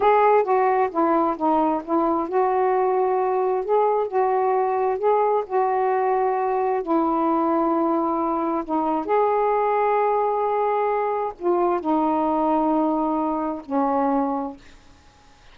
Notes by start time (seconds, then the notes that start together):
0.00 G#4
0.43 F#4
0.91 E4
1.36 D#4
1.84 E4
2.28 F#4
3.64 G#4
4.07 F#4
4.98 G#4
5.46 F#4
6.82 E4
8.64 D#4
9.05 G#4
11.39 F4
11.80 D#4
13.65 C#4